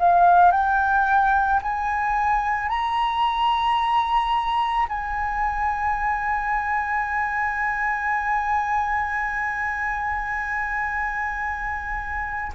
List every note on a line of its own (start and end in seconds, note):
0.00 0.52 F5
0.52 1.61 G5
1.63 2.69 G#5
2.69 4.87 A#5
4.89 12.53 G#5